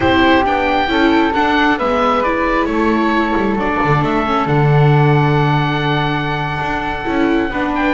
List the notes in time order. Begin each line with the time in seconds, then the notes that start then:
0.00 C4 E4 G4 C5
0.44 B3 D4 G5
0.87 C#4 E4 A4
1.33 D4 F#5
1.78 G#3 B3 B4 E5
2.23 E4 D5
2.65 A3 A4 C#5
3.36 G3
3.55 F#3 D4 D5
3.84 D3
4.02 A3 E5
4.26 C#4
4.46 D3 D4 F#5
6.60 D4
7.04 C#4 E4
7.49 B3 D4 B4
7.75 G5